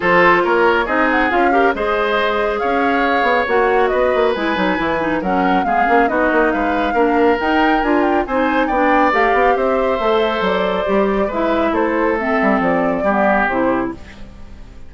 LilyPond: <<
  \new Staff \with { instrumentName = "flute" } { \time 4/4 \tempo 4 = 138 c''4 cis''4 dis''8 fis''8 f''4 | dis''2 f''2 | fis''4 dis''4 gis''2 | fis''4 f''4 dis''4 f''4~ |
f''4 g''4 gis''8 g''8 gis''4 | g''4 f''4 e''2 | d''2 e''4 c''4 | e''4 d''2 c''4 | }
  \new Staff \with { instrumentName = "oboe" } { \time 4/4 a'4 ais'4 gis'4. ais'8 | c''2 cis''2~ | cis''4 b'2. | ais'4 gis'4 fis'4 b'4 |
ais'2. c''4 | d''2 c''2~ | c''2 b'4 a'4~ | a'2 g'2 | }
  \new Staff \with { instrumentName = "clarinet" } { \time 4/4 f'2 dis'4 f'8 g'8 | gis'1 | fis'2 e'8 dis'8 e'8 dis'8 | cis'4 b8 cis'8 dis'2 |
d'4 dis'4 f'4 dis'4 | d'4 g'2 a'4~ | a'4 g'4 e'2 | c'2 b4 e'4 | }
  \new Staff \with { instrumentName = "bassoon" } { \time 4/4 f4 ais4 c'4 cis'4 | gis2 cis'4. b8 | ais4 b8 ais8 gis8 fis8 e4 | fis4 gis8 ais8 b8 ais8 gis4 |
ais4 dis'4 d'4 c'4 | b4 a8 b8 c'4 a4 | fis4 g4 gis4 a4~ | a8 g8 f4 g4 c4 | }
>>